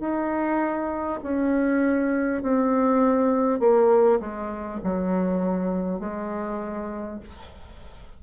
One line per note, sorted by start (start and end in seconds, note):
0.00 1.20 D#4
1.22 2.42 C#4
2.42 3.59 C4
3.59 4.19 A#3
4.20 4.80 G#3
4.83 5.99 F#3
5.99 7.19 G#3